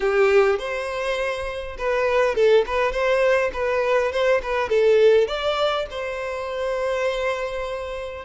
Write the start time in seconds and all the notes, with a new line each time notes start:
0.00 G4
0.59 C5
1.78 B4
2.35 A4
2.66 B4
2.91 C5
3.53 B4
4.11 C5
4.42 B4
4.69 A4
5.27 D5
5.90 C5